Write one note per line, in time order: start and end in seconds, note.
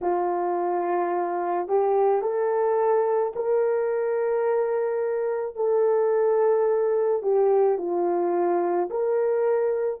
0.01 1.68 F4
1.68 2.22 G4
2.22 3.33 A4
3.35 5.56 A#4
5.56 7.22 A4
7.22 7.78 G4
7.78 8.89 F4
8.89 10.00 A#4